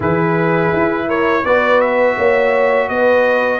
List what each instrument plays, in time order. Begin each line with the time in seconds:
0.00 tuba E3, trombone E4, horn G#4, trumpet B4
0.72 tuba E4
1.07 horn A#4, trumpet C#5
1.44 tuba B3, trombone F#4, horn B4, trumpet D5
1.81 trumpet E5
2.17 tuba A#3, horn C#5
2.89 tuba B3, horn B4, trumpet D#5